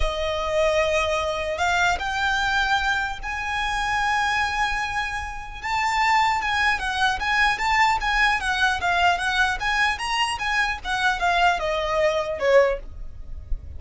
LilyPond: \new Staff \with { instrumentName = "violin" } { \time 4/4 \tempo 4 = 150 dis''1 | f''4 g''2. | gis''1~ | gis''2 a''2 |
gis''4 fis''4 gis''4 a''4 | gis''4 fis''4 f''4 fis''4 | gis''4 ais''4 gis''4 fis''4 | f''4 dis''2 cis''4 | }